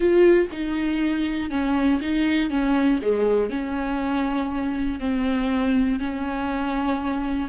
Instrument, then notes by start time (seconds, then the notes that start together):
viola
0.00 F4
0.51 D#4
1.50 C#4
2.01 D#4
2.50 C#4
3.02 G#3
3.50 C#4
4.99 C4
5.99 C#4